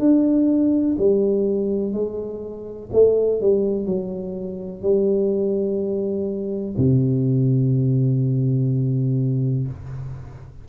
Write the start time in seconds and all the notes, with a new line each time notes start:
0.00 D4
0.99 G3
1.94 G#3
2.93 A3
3.41 G3
3.86 F#3
4.82 G3
6.78 C3